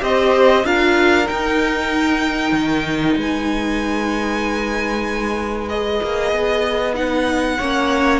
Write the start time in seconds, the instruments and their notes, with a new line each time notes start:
0.00 cello C4, viola G4, violin C5 D#5
0.64 cello D4, viola F4, violin A#4 F5
1.25 viola D#4, cello D#4, violin G5
2.52 cello D#3
3.16 cello G#3, violin B4 G#5
5.68 viola G#4, violin D#5
6.02 cello A#3
6.31 cello B3
6.94 viola D#4, violin F#5
7.58 cello A#3, viola C#4, violin C#5